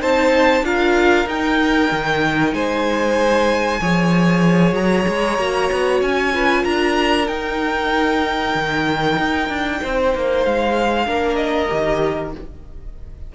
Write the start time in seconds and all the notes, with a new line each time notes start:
0.00 C4 D#4 C5 A5
0.63 D4 F4 A#4 F5
1.27 D#4 G5
1.92 D#3
2.54 G#3 C5 G#5
3.81 F3 G#4 C#5
4.74 F#3 A#5
5.09 G#3
5.39 A#3 F#4
5.72 B3
6.02 C#4 G#5
6.34 F4 B4
6.63 D4 A#4 A#5
7.27 D#4 G5
8.55 D#3
9.19 D#4
9.49 D4
9.82 C4 C5
10.15 A#3
10.45 G#3 F5
11.06 A#3 D4 A#4
11.36 D#5
11.69 D#3 G4